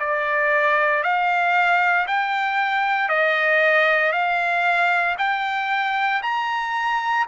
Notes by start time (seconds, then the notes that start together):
0.00 D5
1.03 F5
2.08 G5
3.09 D#5
4.13 F5
5.19 G5
6.23 A#5